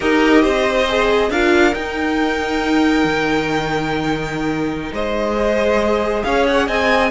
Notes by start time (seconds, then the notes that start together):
0.00 D#4 G4 A#4 D#5
0.42 C4 C5
0.88 G#4
1.30 D4 F4 A#4 F5
1.73 D#4 G5
3.04 D#3
4.92 G#3 C5 D#5
5.35 G#4
6.23 C#4 C#5 F5
6.47 F#5
6.67 C4 D#5 G#5